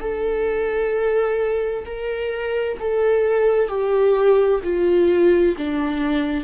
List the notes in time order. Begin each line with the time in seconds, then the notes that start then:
0.00 A4
1.85 A#4
2.79 A4
3.68 G4
4.63 F4
5.57 D4